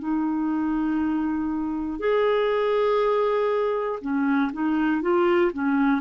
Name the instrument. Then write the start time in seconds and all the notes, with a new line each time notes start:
clarinet
0.00 D#4
2.00 G#4
4.02 C#4
4.54 D#4
5.02 F4
5.53 C#4